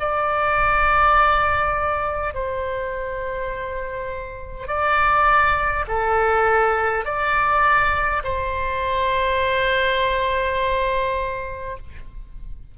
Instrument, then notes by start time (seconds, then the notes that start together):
oboe
0.00 D5
2.35 C5
4.68 D5
5.88 A4
7.05 D5
8.24 C5